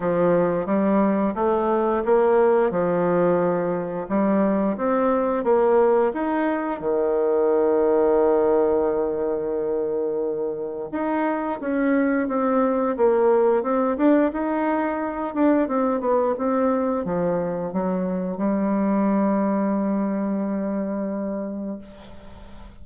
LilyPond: \new Staff \with { instrumentName = "bassoon" } { \time 4/4 \tempo 4 = 88 f4 g4 a4 ais4 | f2 g4 c'4 | ais4 dis'4 dis2~ | dis1 |
dis'4 cis'4 c'4 ais4 | c'8 d'8 dis'4. d'8 c'8 b8 | c'4 f4 fis4 g4~ | g1 | }